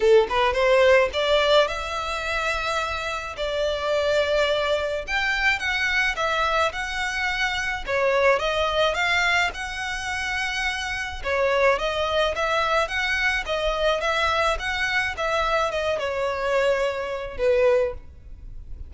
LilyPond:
\new Staff \with { instrumentName = "violin" } { \time 4/4 \tempo 4 = 107 a'8 b'8 c''4 d''4 e''4~ | e''2 d''2~ | d''4 g''4 fis''4 e''4 | fis''2 cis''4 dis''4 |
f''4 fis''2. | cis''4 dis''4 e''4 fis''4 | dis''4 e''4 fis''4 e''4 | dis''8 cis''2~ cis''8 b'4 | }